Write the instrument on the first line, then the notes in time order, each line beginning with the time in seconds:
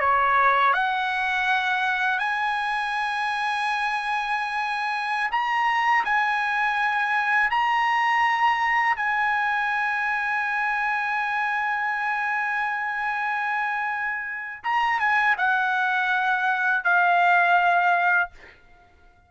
trumpet
0.00 C#5
0.73 F#5
2.19 G#5
5.31 A#5
6.04 G#5
7.50 A#5
8.96 G#5
14.63 A#5
14.99 G#5
15.37 F#5
16.84 F5